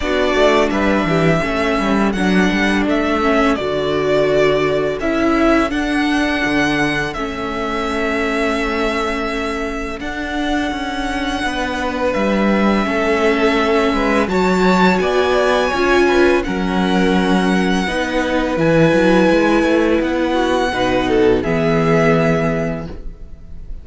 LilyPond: <<
  \new Staff \with { instrumentName = "violin" } { \time 4/4 \tempo 4 = 84 d''4 e''2 fis''4 | e''4 d''2 e''4 | fis''2 e''2~ | e''2 fis''2~ |
fis''4 e''2. | a''4 gis''2 fis''4~ | fis''2 gis''2 | fis''2 e''2 | }
  \new Staff \with { instrumentName = "violin" } { \time 4/4 fis'4 b'8 g'8 a'2~ | a'1~ | a'1~ | a'1 |
b'2 a'4. b'8 | cis''4 d''4 cis''8 b'8 ais'4~ | ais'4 b'2.~ | b'8 fis'8 b'8 a'8 gis'2 | }
  \new Staff \with { instrumentName = "viola" } { \time 4/4 d'2 cis'4 d'4~ | d'8 cis'8 fis'2 e'4 | d'2 cis'2~ | cis'2 d'2~ |
d'2 cis'2 | fis'2 f'4 cis'4~ | cis'4 dis'4 e'2~ | e'4 dis'4 b2 | }
  \new Staff \with { instrumentName = "cello" } { \time 4/4 b8 a8 g8 e8 a8 g8 fis8 g8 | a4 d2 cis'4 | d'4 d4 a2~ | a2 d'4 cis'4 |
b4 g4 a4. gis8 | fis4 b4 cis'4 fis4~ | fis4 b4 e8 fis8 gis8 a8 | b4 b,4 e2 | }
>>